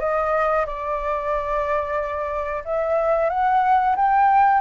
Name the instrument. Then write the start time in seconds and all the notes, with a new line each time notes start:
flute
0.00 D#5
0.66 D5
2.65 E5
3.30 F#5
3.96 G5